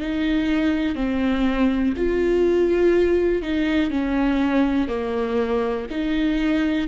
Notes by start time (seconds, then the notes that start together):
0.00 D#4
0.95 C4
1.97 F4
3.42 D#4
3.90 C#4
4.88 A#3
5.90 D#4